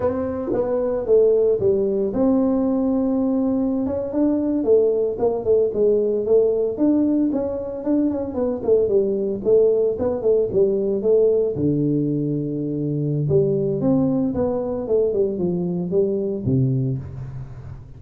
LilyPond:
\new Staff \with { instrumentName = "tuba" } { \time 4/4 \tempo 4 = 113 c'4 b4 a4 g4 | c'2.~ c'16 cis'8 d'16~ | d'8. a4 ais8 a8 gis4 a16~ | a8. d'4 cis'4 d'8 cis'8 b16~ |
b16 a8 g4 a4 b8 a8 g16~ | g8. a4 d2~ d16~ | d4 g4 c'4 b4 | a8 g8 f4 g4 c4 | }